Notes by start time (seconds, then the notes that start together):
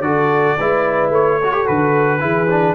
0.00 D3 F#4 A4 D5
0.57 G#3 E4 B4
1.09 A3 C#5
1.40 F#4 A4
1.52 G4
1.65 D3 F#4 B4
2.19 E3 E4 G#4
2.50 D4